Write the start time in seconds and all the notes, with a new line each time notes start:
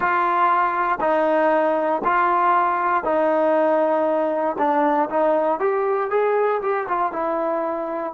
0.00 F4
1.00 D#4
2.04 F4
3.04 D#4
4.58 D4
5.09 D#4
5.59 G4
6.10 G#4
6.61 G4
6.88 F4
7.12 E4